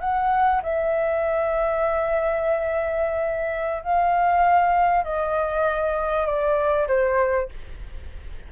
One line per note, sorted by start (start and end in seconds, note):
0.00 0.61 F#5
0.62 3.83 E5
3.83 5.04 F5
5.04 6.26 D#5
6.26 6.87 D5
6.87 7.49 C5